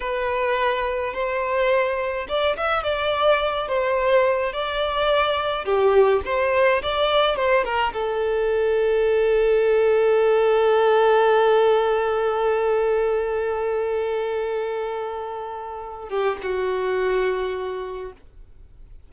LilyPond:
\new Staff \with { instrumentName = "violin" } { \time 4/4 \tempo 4 = 106 b'2 c''2 | d''8 e''8 d''4. c''4. | d''2 g'4 c''4 | d''4 c''8 ais'8 a'2~ |
a'1~ | a'1~ | a'1~ | a'8 g'8 fis'2. | }